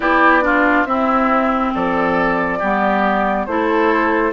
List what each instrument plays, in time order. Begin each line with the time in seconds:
0.00 bassoon B3, clarinet E4, oboe G4, flute D5
0.42 clarinet D4, oboe F4
0.84 bassoon C4, clarinet C4, oboe E4, flute E5
1.74 bassoon F3, oboe A4, flute D5
2.58 bassoon G3, clarinet B3, oboe G4
3.45 bassoon A3, clarinet E4, oboe A4, flute C5